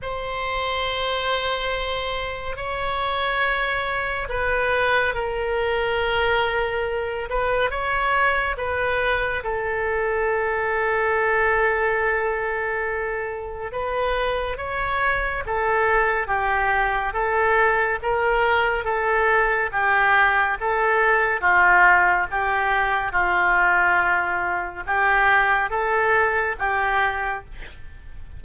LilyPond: \new Staff \with { instrumentName = "oboe" } { \time 4/4 \tempo 4 = 70 c''2. cis''4~ | cis''4 b'4 ais'2~ | ais'8 b'8 cis''4 b'4 a'4~ | a'1 |
b'4 cis''4 a'4 g'4 | a'4 ais'4 a'4 g'4 | a'4 f'4 g'4 f'4~ | f'4 g'4 a'4 g'4 | }